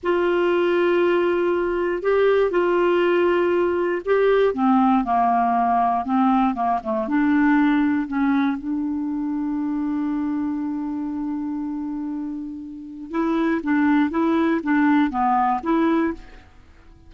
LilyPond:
\new Staff \with { instrumentName = "clarinet" } { \time 4/4 \tempo 4 = 119 f'1 | g'4 f'2. | g'4 c'4 ais2 | c'4 ais8 a8 d'2 |
cis'4 d'2.~ | d'1~ | d'2 e'4 d'4 | e'4 d'4 b4 e'4 | }